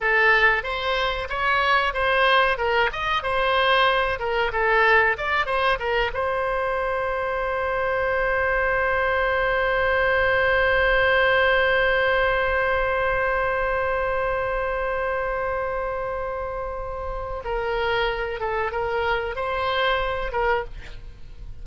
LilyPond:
\new Staff \with { instrumentName = "oboe" } { \time 4/4 \tempo 4 = 93 a'4 c''4 cis''4 c''4 | ais'8 dis''8 c''4. ais'8 a'4 | d''8 c''8 ais'8 c''2~ c''8~ | c''1~ |
c''1~ | c''1~ | c''2. ais'4~ | ais'8 a'8 ais'4 c''4. ais'8 | }